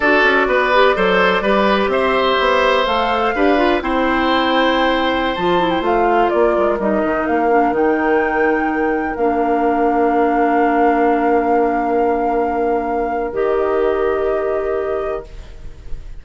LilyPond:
<<
  \new Staff \with { instrumentName = "flute" } { \time 4/4 \tempo 4 = 126 d''1 | e''2 f''2 | g''2.~ g''16 a''8. | g''16 f''4 d''4 dis''4 f''8.~ |
f''16 g''2. f''8.~ | f''1~ | f''1 | dis''1 | }
  \new Staff \with { instrumentName = "oboe" } { \time 4/4 a'4 b'4 c''4 b'4 | c''2. b'4 | c''1~ | c''4~ c''16 ais'2~ ais'8.~ |
ais'1~ | ais'1~ | ais'1~ | ais'1 | }
  \new Staff \with { instrumentName = "clarinet" } { \time 4/4 fis'4. g'8 a'4 g'4~ | g'2 a'4 g'8 f'8 | e'2.~ e'16 f'8 e'16~ | e'16 f'2 dis'4. d'16~ |
d'16 dis'2. d'8.~ | d'1~ | d'1 | g'1 | }
  \new Staff \with { instrumentName = "bassoon" } { \time 4/4 d'8 cis'8 b4 fis4 g4 | c'4 b4 a4 d'4 | c'2.~ c'16 f8.~ | f16 a4 ais8 gis8 g8 dis8 ais8.~ |
ais16 dis2. ais8.~ | ais1~ | ais1 | dis1 | }
>>